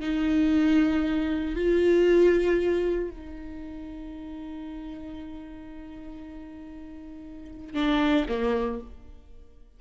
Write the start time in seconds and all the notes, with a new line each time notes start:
0.00 D#4
1.55 F4
3.10 D#4
7.74 D4
8.29 A#3